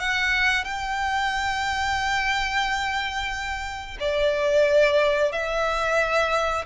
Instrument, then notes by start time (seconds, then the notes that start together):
violin
0.00 F#5
0.65 G5
4.00 D5
5.32 E5